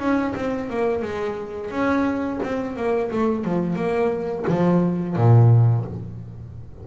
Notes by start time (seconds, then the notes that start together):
0.00 C#4
0.36 C4
0.70 A#3
1.03 G#3
1.71 C#4
2.44 C4
2.77 A#3
3.11 A3
3.45 F3
3.76 A#3
4.48 F3
5.17 A#2